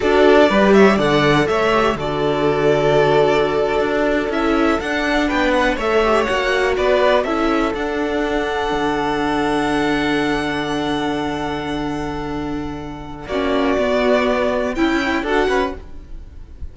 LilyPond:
<<
  \new Staff \with { instrumentName = "violin" } { \time 4/4 \tempo 4 = 122 d''4. e''8 fis''4 e''4 | d''1~ | d''8. e''4 fis''4 g''8 fis''8 e''16~ | e''8. fis''4 d''4 e''4 fis''16~ |
fis''1~ | fis''1~ | fis''2. d''4~ | d''2 g''4 fis''4 | }
  \new Staff \with { instrumentName = "violin" } { \time 4/4 a'4 b'8 cis''8 d''4 cis''4 | a'1~ | a'2~ a'8. b'4 cis''16~ | cis''4.~ cis''16 b'4 a'4~ a'16~ |
a'1~ | a'1~ | a'2. fis'4~ | fis'2 e'4 a'8 b'8 | }
  \new Staff \with { instrumentName = "viola" } { \time 4/4 fis'4 g'4 a'4. g'8 | fis'1~ | fis'8. e'4 d'2 a'16~ | a'16 g'8 fis'2 e'4 d'16~ |
d'1~ | d'1~ | d'2. cis'4 | b2 e'4 fis'4 | }
  \new Staff \with { instrumentName = "cello" } { \time 4/4 d'4 g4 d4 a4 | d2.~ d8. d'16~ | d'8. cis'4 d'4 b4 a16~ | a8. ais4 b4 cis'4 d'16~ |
d'4.~ d'16 d2~ d16~ | d1~ | d2. ais4 | b2 cis'4 d'8 cis'8 | }
>>